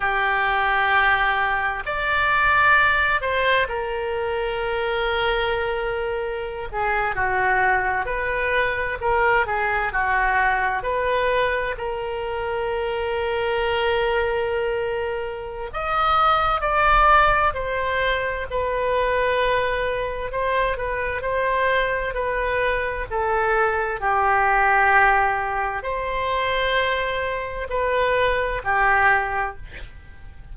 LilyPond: \new Staff \with { instrumentName = "oboe" } { \time 4/4 \tempo 4 = 65 g'2 d''4. c''8 | ais'2.~ ais'16 gis'8 fis'16~ | fis'8. b'4 ais'8 gis'8 fis'4 b'16~ | b'8. ais'2.~ ais'16~ |
ais'4 dis''4 d''4 c''4 | b'2 c''8 b'8 c''4 | b'4 a'4 g'2 | c''2 b'4 g'4 | }